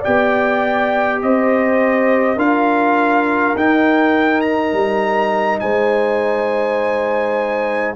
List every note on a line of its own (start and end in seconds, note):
0.00 2.38 G4
0.00 1.18 D5
0.00 1.22 G5
0.07 1.24 B3
1.23 2.37 C4
1.23 2.37 C5
1.23 2.39 D#5
2.37 3.55 D4
2.37 3.56 F4
2.37 5.61 A#4
2.37 3.57 F5
3.56 4.73 D#4
3.56 7.96 D#4
3.56 4.42 G5
4.42 5.59 A#5
4.73 5.61 G3
5.60 7.96 G#3
5.60 7.96 C5
5.60 7.96 G#5